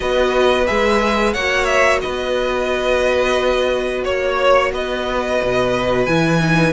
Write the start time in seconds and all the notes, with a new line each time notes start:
0.00 B3 F#4 B4 D#5
0.66 G#3 G#4 E5
1.33 A#3 F#4 C#5 F#5
1.64 E5
2.01 B3 B4 D#5
4.04 A#3 C#5
4.72 B3 B4 D#5
5.42 B2
6.05 E3 E4 G#5
6.40 D#4